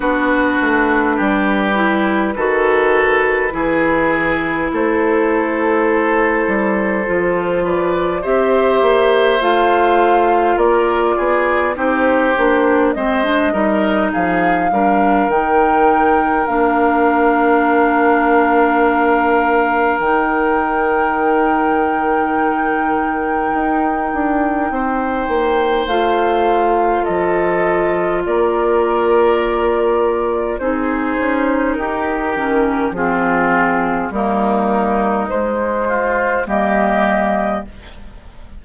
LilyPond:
<<
  \new Staff \with { instrumentName = "flute" } { \time 4/4 \tempo 4 = 51 b'1 | c''2~ c''8 d''8 e''4 | f''4 d''4 c''4 dis''4 | f''4 g''4 f''2~ |
f''4 g''2.~ | g''2 f''4 dis''4 | d''2 c''4 ais'4 | gis'4 ais'4 c''4 dis''4 | }
  \new Staff \with { instrumentName = "oboe" } { \time 4/4 fis'4 g'4 a'4 gis'4 | a'2~ a'8 b'8 c''4~ | c''4 ais'8 gis'8 g'4 c''8 ais'8 | gis'8 ais'2.~ ais'8~ |
ais'1~ | ais'4 c''2 a'4 | ais'2 gis'4 g'4 | f'4 dis'4. f'8 g'4 | }
  \new Staff \with { instrumentName = "clarinet" } { \time 4/4 d'4. e'8 fis'4 e'4~ | e'2 f'4 g'4 | f'2 dis'8 d'8 c'16 d'16 dis'8~ | dis'8 d'8 dis'4 d'2~ |
d'4 dis'2.~ | dis'2 f'2~ | f'2 dis'4. cis'8 | c'4 ais4 gis4 ais4 | }
  \new Staff \with { instrumentName = "bassoon" } { \time 4/4 b8 a8 g4 dis4 e4 | a4. g8 f4 c'8 ais8 | a4 ais8 b8 c'8 ais8 gis8 g8 | f8 g8 dis4 ais2~ |
ais4 dis2. | dis'8 d'8 c'8 ais8 a4 f4 | ais2 c'8 cis'8 dis'8 dis8 | f4 g4 gis4 g4 | }
>>